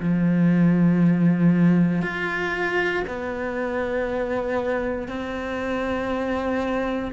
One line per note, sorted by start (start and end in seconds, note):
0.00 2.02 F3
2.02 3.04 F4
3.07 5.08 B3
5.08 7.11 C4